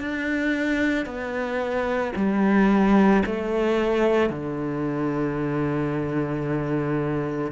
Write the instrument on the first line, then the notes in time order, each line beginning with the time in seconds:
cello
0.00 D4
1.06 B3
2.16 G3
3.26 A3
4.30 D3